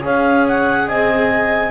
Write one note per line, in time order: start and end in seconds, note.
0.00 0.88 C#4
0.00 1.69 G#4
0.00 0.87 C#5
0.00 0.47 F5
0.47 0.88 F#5
0.88 1.71 C4
0.88 1.71 D#5
0.88 1.71 G#5